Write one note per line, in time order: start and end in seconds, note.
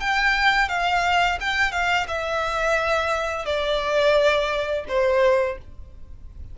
0.00 0.68 G5
0.68 1.38 F5
1.40 1.72 G5
1.72 2.06 F5
2.08 3.45 E5
3.45 4.85 D5
4.88 5.58 C5